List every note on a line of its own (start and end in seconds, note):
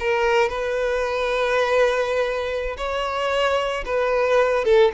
0.00 0.49 A#4
0.49 2.77 B4
2.77 3.84 C#5
3.85 4.65 B4
4.65 4.92 A4